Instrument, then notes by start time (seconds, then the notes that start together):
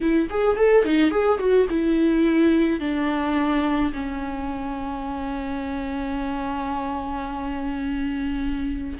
viola
0.00 E4
0.30 G#4
0.57 A4
0.84 D#4
1.10 G#4
1.38 F#4
1.69 E4
2.80 D4
3.93 C#4